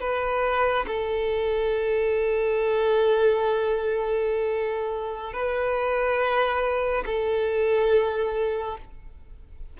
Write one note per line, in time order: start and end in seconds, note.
0.00 0.86 B4
0.87 5.33 A4
5.33 7.04 B4
7.06 8.77 A4